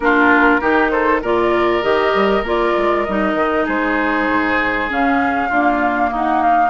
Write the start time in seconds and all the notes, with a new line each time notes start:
0.00 A#3 D4 F4 A#4
0.60 D#3 D#4 G4
0.90 A4 C5
1.21 A#2 F4 A#4 D5
1.82 D#3 G4 D#5
2.14 G3
2.42 A#3 F4 D5
2.77 G#3
3.04 G3 D#4 D#5
3.34 D#3
3.65 G#3 G#4 C5
4.28 G#2
4.89 C#3 C#4 F5
5.48 A#3 D4 F4
6.11 D#4 F#5
6.42 F5